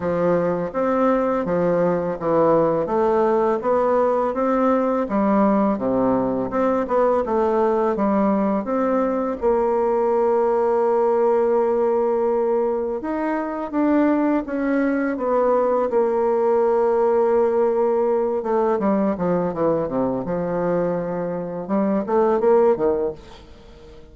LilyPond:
\new Staff \with { instrumentName = "bassoon" } { \time 4/4 \tempo 4 = 83 f4 c'4 f4 e4 | a4 b4 c'4 g4 | c4 c'8 b8 a4 g4 | c'4 ais2.~ |
ais2 dis'4 d'4 | cis'4 b4 ais2~ | ais4. a8 g8 f8 e8 c8 | f2 g8 a8 ais8 dis8 | }